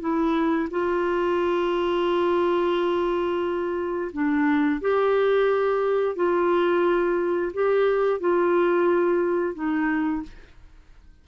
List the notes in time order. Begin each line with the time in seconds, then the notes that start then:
0.00 E4
0.70 F4
4.12 D4
4.81 G4
6.16 F4
7.53 G4
8.20 F4
9.54 D#4